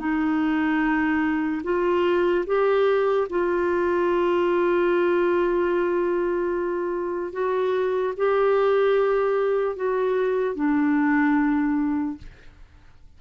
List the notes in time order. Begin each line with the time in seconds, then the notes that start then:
0.00 D#4
1.64 F4
2.47 G4
3.30 F4
7.33 F#4
8.17 G4
9.76 F#4
10.56 D4